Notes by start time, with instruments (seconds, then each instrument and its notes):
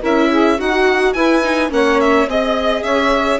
0.00 bassoon C#4, viola E4, saxophone A#4, violin E5
0.30 saxophone G#4
0.57 bassoon D#4, viola F#4, saxophone F#4, violin F#5
1.13 bassoon E4, viola E4, saxophone B4, violin G#5
1.43 viola D#4
1.69 bassoon A#3, viola C#4, saxophone C#5, violin F#5
2.00 violin E5
2.26 bassoon C4, viola G#4, violin D#5, saxophone D#5
2.82 bassoon C#4, saxophone C#5, violin E5